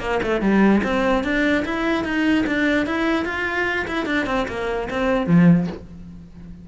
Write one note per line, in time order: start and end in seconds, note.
0.00 0.20 A#3
0.22 0.41 A3
0.41 0.82 G3
0.83 1.24 C4
1.24 1.64 D4
1.65 2.04 E4
2.04 2.45 D#4
2.47 2.86 D4
2.86 3.25 E4
3.25 3.86 F4
3.87 4.06 E4
4.06 4.26 D4
4.26 4.46 C4
4.48 4.89 A#3
4.90 5.27 C4
5.27 5.67 F3